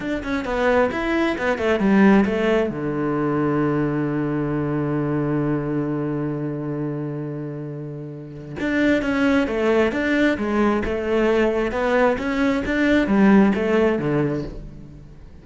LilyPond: \new Staff \with { instrumentName = "cello" } { \time 4/4 \tempo 4 = 133 d'8 cis'8 b4 e'4 b8 a8 | g4 a4 d2~ | d1~ | d1~ |
d2. d'4 | cis'4 a4 d'4 gis4 | a2 b4 cis'4 | d'4 g4 a4 d4 | }